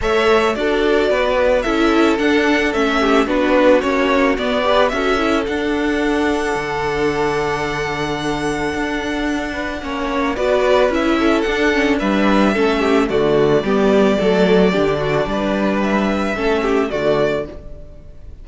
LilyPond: <<
  \new Staff \with { instrumentName = "violin" } { \time 4/4 \tempo 4 = 110 e''4 d''2 e''4 | fis''4 e''4 b'4 cis''4 | d''4 e''4 fis''2~ | fis''1~ |
fis''2. d''4 | e''4 fis''4 e''2 | d''1~ | d''4 e''2 d''4 | }
  \new Staff \with { instrumentName = "violin" } { \time 4/4 cis''4 a'4 b'4 a'4~ | a'4. g'8 fis'2~ | fis'8 b'8 a'2.~ | a'1~ |
a'4. b'8 cis''4 b'4~ | b'8 a'4. b'4 a'8 g'8 | fis'4 g'4 a'4 g'8 fis'8 | b'2 a'8 g'8 fis'4 | }
  \new Staff \with { instrumentName = "viola" } { \time 4/4 a'4 fis'2 e'4 | d'4 cis'4 d'4 cis'4 | b8 g'8 fis'8 e'8 d'2~ | d'1~ |
d'2 cis'4 fis'4 | e'4 d'8 cis'8 d'4 cis'4 | a4 b4 a4 d'4~ | d'2 cis'4 a4 | }
  \new Staff \with { instrumentName = "cello" } { \time 4/4 a4 d'4 b4 cis'4 | d'4 a4 b4 ais4 | b4 cis'4 d'2 | d1 |
d'2 ais4 b4 | cis'4 d'4 g4 a4 | d4 g4 fis4 d4 | g2 a4 d4 | }
>>